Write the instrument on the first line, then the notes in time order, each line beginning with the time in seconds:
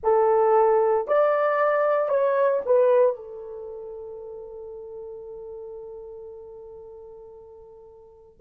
horn
0.03 A4
1.07 D5
2.08 C#5
2.65 B4
3.16 A4